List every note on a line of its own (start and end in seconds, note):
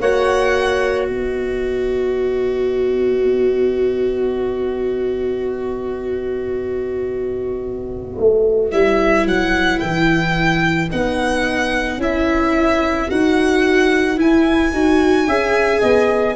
0.00 1.09 A#3
0.00 8.71 F#4
0.00 1.09 C#5
0.00 1.08 F#5
1.08 8.18 B3
1.08 15.27 B4
1.08 8.71 D#5
8.19 8.72 A3
8.71 9.25 G3
8.71 10.90 E4
8.71 9.27 E5
9.25 9.80 F#3
9.25 9.80 F#5
9.80 10.91 E3
9.80 10.89 G5
10.91 11.98 B3
10.91 12.00 D#4
10.91 12.01 F#5
11.98 13.07 C#4
11.98 13.08 E4
11.98 13.10 E5
13.08 14.19 D#4
13.08 14.17 F#4
13.08 14.20 F#5
14.17 14.71 E4
14.17 14.73 E4
14.17 16.36 G#5
14.73 15.27 D#4
14.73 15.27 F#4
15.27 15.82 C#4
15.27 16.36 G#4
15.27 15.81 E5
15.81 16.36 B3
15.81 16.36 D#5